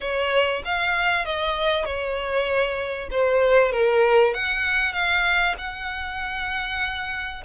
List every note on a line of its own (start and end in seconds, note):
0.00 0.62 C#5
0.65 1.25 F5
1.25 1.85 D#5
1.85 3.08 C#5
3.10 3.72 C5
3.72 4.34 A#4
4.34 4.93 F#5
4.93 5.54 F5
5.58 7.43 F#5